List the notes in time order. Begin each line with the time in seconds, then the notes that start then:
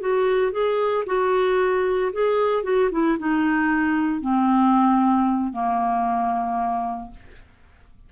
0.00 F#4
0.51 G#4
1.06 F#4
2.12 G#4
2.63 F#4
2.91 E4
3.18 D#4
4.21 C4
5.52 A#3